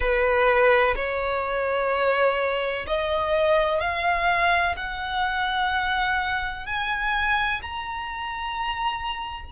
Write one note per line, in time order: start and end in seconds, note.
0.00 0.94 B4
0.95 2.86 C#5
2.86 3.80 D#5
3.80 4.75 F5
4.76 6.66 F#5
6.66 7.61 G#5
7.61 9.51 A#5